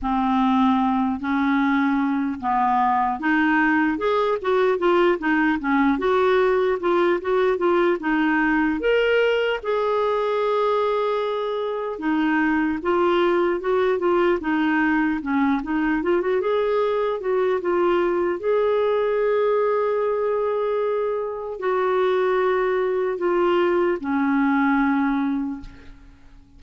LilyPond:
\new Staff \with { instrumentName = "clarinet" } { \time 4/4 \tempo 4 = 75 c'4. cis'4. b4 | dis'4 gis'8 fis'8 f'8 dis'8 cis'8 fis'8~ | fis'8 f'8 fis'8 f'8 dis'4 ais'4 | gis'2. dis'4 |
f'4 fis'8 f'8 dis'4 cis'8 dis'8 | f'16 fis'16 gis'4 fis'8 f'4 gis'4~ | gis'2. fis'4~ | fis'4 f'4 cis'2 | }